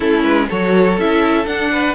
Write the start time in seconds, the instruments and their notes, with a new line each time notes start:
0.00 cello A3, viola C#4, violin E4 A4
0.24 cello G#3, violin B4
0.49 cello F#3, viola F#4, violin A4 C#5
0.98 cello C#4, viola E4, violin E5
1.45 viola D4, cello D4, violin F#5
1.71 violin B4